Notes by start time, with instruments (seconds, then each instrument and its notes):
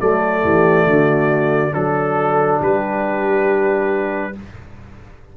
0.00 tuba F#3, trombone A3, horn A4, trumpet D5
0.44 tuba E3, horn G4
0.86 tuba D3, horn F#4
1.72 tuba F#3, trombone D4, trumpet A4, horn A4
2.61 tuba G3, horn G4, trumpet B4